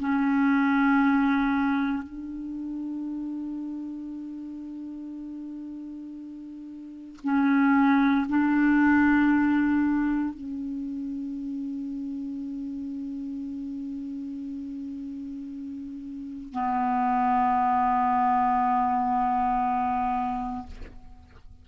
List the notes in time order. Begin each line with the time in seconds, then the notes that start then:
0.00 C#4
2.03 D4
7.24 C#4
8.29 D4
10.34 C#4
16.53 B3